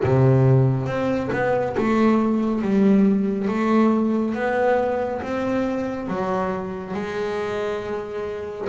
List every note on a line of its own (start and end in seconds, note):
0.03 0.86 C3
0.86 1.29 C4
1.32 1.75 B3
1.77 2.61 A3
2.61 3.48 G3
3.48 4.34 A3
4.34 5.21 B3
5.22 6.08 C4
6.08 6.94 F#3
6.94 8.68 G#3